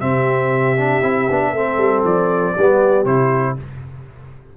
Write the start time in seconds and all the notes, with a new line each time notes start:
0.00 C3 C4 G4 E5
0.77 D4
1.02 C4 E4
1.30 B3 D4
1.52 A3 C4 A4
1.77 G3
2.03 F3 D5
2.55 G3 B3 G4
3.05 C3 E4 C5